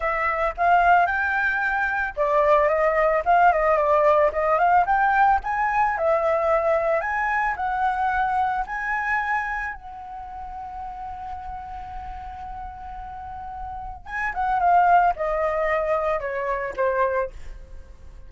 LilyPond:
\new Staff \with { instrumentName = "flute" } { \time 4/4 \tempo 4 = 111 e''4 f''4 g''2 | d''4 dis''4 f''8 dis''8 d''4 | dis''8 f''8 g''4 gis''4 e''4~ | e''4 gis''4 fis''2 |
gis''2 fis''2~ | fis''1~ | fis''2 gis''8 fis''8 f''4 | dis''2 cis''4 c''4 | }